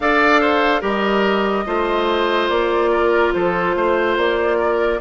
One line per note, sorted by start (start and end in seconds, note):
0.00 0.82 D4
0.00 0.81 A4
0.00 0.40 D5
0.00 0.83 F5
0.40 0.81 C5
0.81 1.65 G3
0.81 1.65 G4
0.81 1.64 A#4
0.81 2.49 D#5
1.66 2.49 A3
1.66 4.99 F4
1.66 2.91 C5
2.49 3.32 A#3
2.49 3.32 D5
2.91 3.33 A#4
3.33 3.75 F3
3.33 3.76 A4
3.33 4.16 C5
3.75 4.16 A3
3.75 4.57 C5
4.16 5.00 A#3
4.16 5.00 D5
4.57 4.99 A#4